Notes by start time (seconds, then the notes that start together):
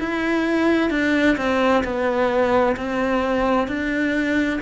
0.00 E4
0.91 D4
1.38 C4
1.84 B3
2.77 C4
3.68 D4